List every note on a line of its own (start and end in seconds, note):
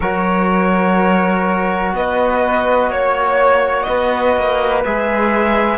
0.00 1.93 F#3
0.00 4.85 F#4
0.00 1.93 A#4
0.00 1.95 C#5
1.93 2.89 B3
1.93 2.90 B4
1.93 2.92 D#5
2.89 3.86 A#3
2.89 3.86 C#5
2.89 3.82 C#5
3.82 5.78 B4
3.82 4.79 D#5
3.89 4.36 B3
4.36 4.84 A#3
4.84 5.78 G#3
4.84 5.78 G#4
4.84 5.78 E5